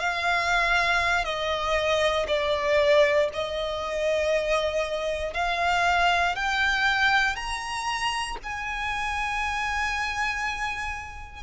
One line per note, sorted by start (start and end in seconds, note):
0.00 1.25 F5
1.25 2.27 D#5
2.28 3.30 D5
3.34 5.34 D#5
5.34 6.36 F5
6.36 7.36 G5
7.36 8.38 A#5
8.44 11.44 G#5